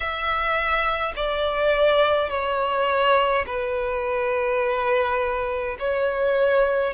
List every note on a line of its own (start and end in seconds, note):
0.00 1.13 E5
1.15 2.29 D5
2.29 3.45 C#5
3.46 5.77 B4
5.79 6.93 C#5